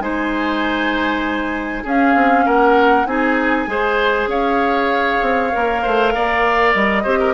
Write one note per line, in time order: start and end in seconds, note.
0.00 1.84 G#3
0.00 1.84 D#4
0.00 1.84 C5
0.00 1.85 G#5
1.84 2.15 C#4
1.84 3.07 C#4
1.84 2.45 G#4
1.84 2.48 F5
2.15 2.46 C4
2.46 3.06 A#3
2.46 3.07 A#4
2.46 3.07 F#5
3.06 3.67 C4
3.06 3.67 D#4
3.06 3.70 G#4
3.06 4.29 G#5
3.67 4.27 G#3
3.67 5.51 G#4
3.67 4.30 C5
4.27 5.19 C#4
4.27 5.82 C#5
4.27 6.74 F5
5.22 5.52 C4
5.52 5.86 A#3
5.52 7.05 A#4
5.82 6.15 A3
5.82 6.13 C5
6.15 6.75 A#3
6.15 7.03 D5
6.74 7.05 G3
6.74 7.34 D#5
7.03 7.34 C4
7.03 7.34 G4
7.03 7.19 C5
7.20 7.34 A#4